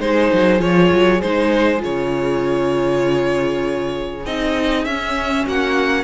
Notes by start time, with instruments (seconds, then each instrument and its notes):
0.00 cello G#3, viola D#4, violin G#4 C5
0.34 cello F#3
0.59 cello F3, viola F4, violin C#5
0.92 cello F#3
1.21 cello G#3, viola D#4, violin C5
1.79 cello C#3, viola F4, violin C#5
4.26 cello C4, viola D#4, violin D#5
4.85 cello C#4, viola C#4, violin E5
5.47 cello A#3, violin F#4 F#5